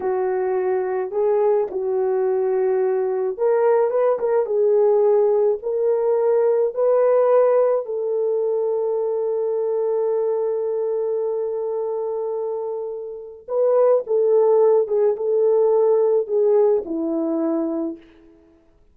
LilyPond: \new Staff \with { instrumentName = "horn" } { \time 4/4 \tempo 4 = 107 fis'2 gis'4 fis'4~ | fis'2 ais'4 b'8 ais'8 | gis'2 ais'2 | b'2 a'2~ |
a'1~ | a'1 | b'4 a'4. gis'8 a'4~ | a'4 gis'4 e'2 | }